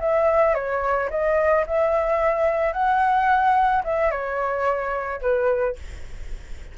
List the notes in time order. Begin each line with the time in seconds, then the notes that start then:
0.00 E5
0.54 C#5
1.10 D#5
1.66 E5
2.72 F#5
3.84 E5
4.11 C#5
5.21 B4